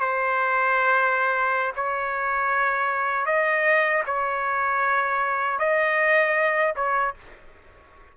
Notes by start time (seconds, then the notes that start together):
0.00 C5
1.76 C#5
3.26 D#5
4.06 C#5
5.59 D#5
6.76 C#5